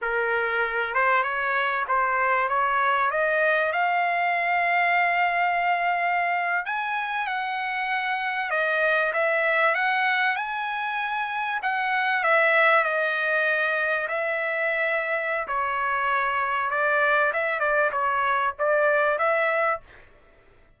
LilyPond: \new Staff \with { instrumentName = "trumpet" } { \time 4/4 \tempo 4 = 97 ais'4. c''8 cis''4 c''4 | cis''4 dis''4 f''2~ | f''2~ f''8. gis''4 fis''16~ | fis''4.~ fis''16 dis''4 e''4 fis''16~ |
fis''8. gis''2 fis''4 e''16~ | e''8. dis''2 e''4~ e''16~ | e''4 cis''2 d''4 | e''8 d''8 cis''4 d''4 e''4 | }